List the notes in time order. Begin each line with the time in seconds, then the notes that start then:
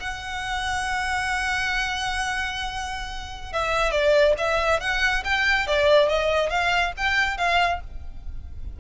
0.00 F#5
3.53 E5
3.92 D5
4.38 E5
4.81 F#5
5.25 G5
5.67 D5
6.09 D#5
6.50 F5
6.97 G5
7.38 F5